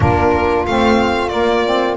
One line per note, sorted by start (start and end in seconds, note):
0.00 0.66 A#3
0.00 0.66 D4
0.00 1.96 F4
0.00 0.66 A#4
0.66 1.33 A3
0.66 1.30 C4
0.66 1.28 F5
1.28 1.63 A#3
1.28 1.97 A#3
1.28 1.94 D5
1.66 1.97 C4